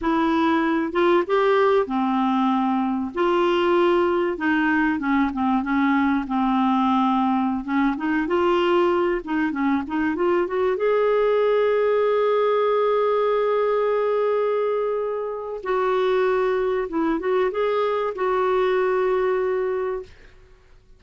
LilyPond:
\new Staff \with { instrumentName = "clarinet" } { \time 4/4 \tempo 4 = 96 e'4. f'8 g'4 c'4~ | c'4 f'2 dis'4 | cis'8 c'8 cis'4 c'2~ | c'16 cis'8 dis'8 f'4. dis'8 cis'8 dis'16~ |
dis'16 f'8 fis'8 gis'2~ gis'8.~ | gis'1~ | gis'4 fis'2 e'8 fis'8 | gis'4 fis'2. | }